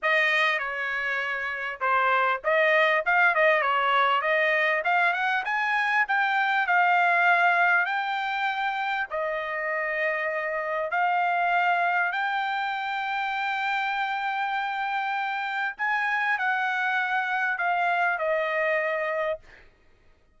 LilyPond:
\new Staff \with { instrumentName = "trumpet" } { \time 4/4 \tempo 4 = 99 dis''4 cis''2 c''4 | dis''4 f''8 dis''8 cis''4 dis''4 | f''8 fis''8 gis''4 g''4 f''4~ | f''4 g''2 dis''4~ |
dis''2 f''2 | g''1~ | g''2 gis''4 fis''4~ | fis''4 f''4 dis''2 | }